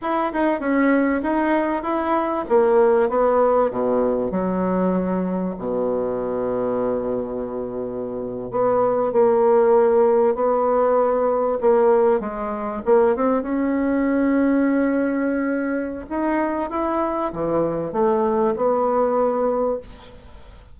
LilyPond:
\new Staff \with { instrumentName = "bassoon" } { \time 4/4 \tempo 4 = 97 e'8 dis'8 cis'4 dis'4 e'4 | ais4 b4 b,4 fis4~ | fis4 b,2.~ | b,4.~ b,16 b4 ais4~ ais16~ |
ais8. b2 ais4 gis16~ | gis8. ais8 c'8 cis'2~ cis'16~ | cis'2 dis'4 e'4 | e4 a4 b2 | }